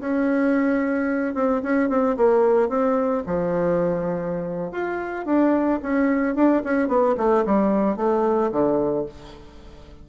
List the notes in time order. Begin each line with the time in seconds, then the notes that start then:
0.00 C#4
1.34 C4
1.62 C#4
1.89 C4
2.16 A#3
2.69 C4
3.26 F3
4.71 F4
5.26 D4
5.82 C#4
6.35 D4
6.64 C#4
6.88 B3
7.17 A3
7.45 G3
7.96 A3
8.51 D3